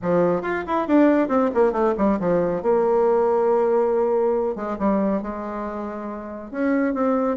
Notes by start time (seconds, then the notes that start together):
0.02 F3
0.42 F4
0.66 E4
0.87 D4
1.28 C4
1.54 A#3
1.72 A3
1.97 G3
2.19 F3
2.62 A#3
4.55 G#3
4.78 G3
5.22 G#3
6.51 C#4
6.93 C4